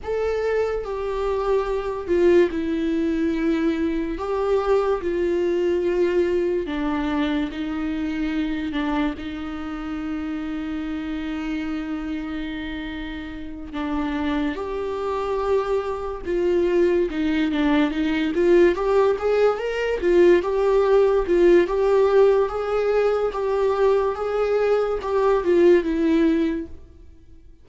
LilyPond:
\new Staff \with { instrumentName = "viola" } { \time 4/4 \tempo 4 = 72 a'4 g'4. f'8 e'4~ | e'4 g'4 f'2 | d'4 dis'4. d'8 dis'4~ | dis'1~ |
dis'8 d'4 g'2 f'8~ | f'8 dis'8 d'8 dis'8 f'8 g'8 gis'8 ais'8 | f'8 g'4 f'8 g'4 gis'4 | g'4 gis'4 g'8 f'8 e'4 | }